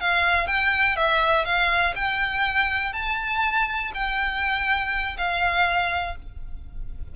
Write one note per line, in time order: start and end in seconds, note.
0.00 0.47 F5
0.47 0.96 G5
0.96 1.45 E5
1.45 1.94 F5
1.95 2.93 G5
2.93 3.91 A5
3.94 5.17 G5
5.17 6.15 F5